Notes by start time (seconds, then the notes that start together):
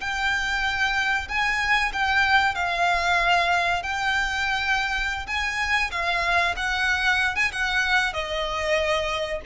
0.00 G5
1.28 G#5
1.93 G5
2.55 F5
3.82 G5
5.27 G#5
5.91 F5
6.56 F#5
7.35 G#5
7.52 F#5
8.13 D#5